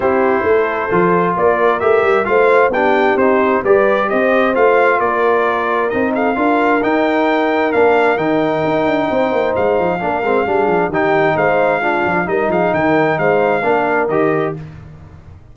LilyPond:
<<
  \new Staff \with { instrumentName = "trumpet" } { \time 4/4 \tempo 4 = 132 c''2. d''4 | e''4 f''4 g''4 c''4 | d''4 dis''4 f''4 d''4~ | d''4 dis''8 f''4. g''4~ |
g''4 f''4 g''2~ | g''4 f''2. | g''4 f''2 dis''8 f''8 | g''4 f''2 dis''4 | }
  \new Staff \with { instrumentName = "horn" } { \time 4/4 g'4 a'2 ais'4~ | ais'4 c''4 g'2 | b'4 c''2 ais'4~ | ais'4. a'8 ais'2~ |
ais'1 | c''2 ais'4 gis'4 | g'4 c''4 f'4 ais'8 gis'8 | ais'4 c''4 ais'2 | }
  \new Staff \with { instrumentName = "trombone" } { \time 4/4 e'2 f'2 | g'4 f'4 d'4 dis'4 | g'2 f'2~ | f'4 dis'4 f'4 dis'4~ |
dis'4 d'4 dis'2~ | dis'2 d'8 c'8 d'4 | dis'2 d'4 dis'4~ | dis'2 d'4 g'4 | }
  \new Staff \with { instrumentName = "tuba" } { \time 4/4 c'4 a4 f4 ais4 | a8 g8 a4 b4 c'4 | g4 c'4 a4 ais4~ | ais4 c'4 d'4 dis'4~ |
dis'4 ais4 dis4 dis'8 d'8 | c'8 ais8 gis8 f8 ais8 gis8 g8 f8 | dis4 gis4. f8 g8 f8 | dis4 gis4 ais4 dis4 | }
>>